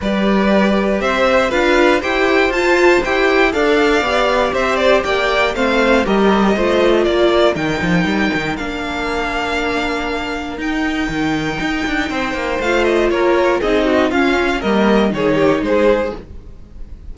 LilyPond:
<<
  \new Staff \with { instrumentName = "violin" } { \time 4/4 \tempo 4 = 119 d''2 e''4 f''4 | g''4 a''4 g''4 f''4~ | f''4 e''8 d''8 g''4 f''4 | dis''2 d''4 g''4~ |
g''4 f''2.~ | f''4 g''2.~ | g''4 f''8 dis''8 cis''4 dis''4 | f''4 dis''4 cis''4 c''4 | }
  \new Staff \with { instrumentName = "violin" } { \time 4/4 b'2 c''4 b'4 | c''2. d''4~ | d''4 c''4 d''4 c''4 | ais'4 c''4 ais'2~ |
ais'1~ | ais'1 | c''2 ais'4 gis'8 fis'8 | f'4 ais'4 gis'8 g'8 gis'4 | }
  \new Staff \with { instrumentName = "viola" } { \time 4/4 g'2. f'4 | g'4 f'4 g'4 a'4 | g'2. c'4 | g'4 f'2 dis'4~ |
dis'4 d'2.~ | d'4 dis'2.~ | dis'4 f'2 dis'4 | cis'4 ais4 dis'2 | }
  \new Staff \with { instrumentName = "cello" } { \time 4/4 g2 c'4 d'4 | e'4 f'4 e'4 d'4 | b4 c'4 ais4 a4 | g4 a4 ais4 dis8 f8 |
g8 dis8 ais2.~ | ais4 dis'4 dis4 dis'8 d'8 | c'8 ais8 a4 ais4 c'4 | cis'4 g4 dis4 gis4 | }
>>